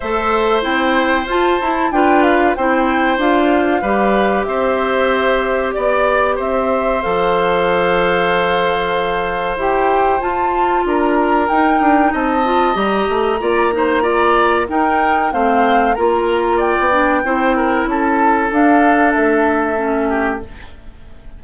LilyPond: <<
  \new Staff \with { instrumentName = "flute" } { \time 4/4 \tempo 4 = 94 e''4 g''4 a''4 g''8 f''8 | g''4 f''2 e''4~ | e''4 d''4 e''4 f''4~ | f''2. g''4 |
a''4 ais''4 g''4 a''4 | ais''2. g''4 | f''4 ais''4 g''2 | a''4 f''4 e''2 | }
  \new Staff \with { instrumentName = "oboe" } { \time 4/4 c''2. b'4 | c''2 b'4 c''4~ | c''4 d''4 c''2~ | c''1~ |
c''4 ais'2 dis''4~ | dis''4 d''8 c''8 d''4 ais'4 | c''4 ais'4 d''4 c''8 ais'8 | a'2.~ a'8 g'8 | }
  \new Staff \with { instrumentName = "clarinet" } { \time 4/4 a'4 e'4 f'8 e'8 f'4 | e'4 f'4 g'2~ | g'2. a'4~ | a'2. g'4 |
f'2 dis'4. f'8 | g'4 f'8 dis'8 f'4 dis'4 | c'4 f'4. d'8 e'4~ | e'4 d'2 cis'4 | }
  \new Staff \with { instrumentName = "bassoon" } { \time 4/4 a4 c'4 f'8 e'8 d'4 | c'4 d'4 g4 c'4~ | c'4 b4 c'4 f4~ | f2. e'4 |
f'4 d'4 dis'8 d'8 c'4 | g8 a8 ais2 dis'4 | a4 ais4~ ais16 b8. c'4 | cis'4 d'4 a2 | }
>>